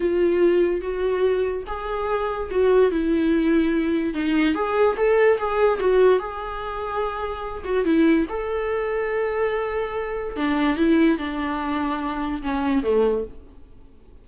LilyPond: \new Staff \with { instrumentName = "viola" } { \time 4/4 \tempo 4 = 145 f'2 fis'2 | gis'2 fis'4 e'4~ | e'2 dis'4 gis'4 | a'4 gis'4 fis'4 gis'4~ |
gis'2~ gis'8 fis'8 e'4 | a'1~ | a'4 d'4 e'4 d'4~ | d'2 cis'4 a4 | }